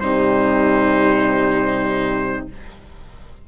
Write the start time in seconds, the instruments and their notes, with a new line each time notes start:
0.00 bassoon C3, horn G3, viola D#4, trumpet C5